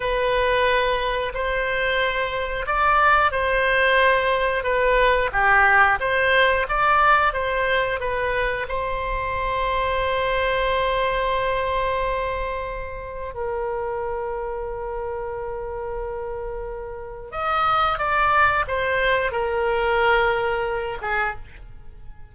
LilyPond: \new Staff \with { instrumentName = "oboe" } { \time 4/4 \tempo 4 = 90 b'2 c''2 | d''4 c''2 b'4 | g'4 c''4 d''4 c''4 | b'4 c''2.~ |
c''1 | ais'1~ | ais'2 dis''4 d''4 | c''4 ais'2~ ais'8 gis'8 | }